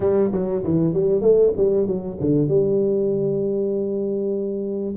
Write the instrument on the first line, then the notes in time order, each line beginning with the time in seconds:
tuba
0.00 G3
0.32 F#3
0.63 E3
0.93 G3
1.21 A3
1.56 G3
1.86 F#3
2.20 D3
2.47 G3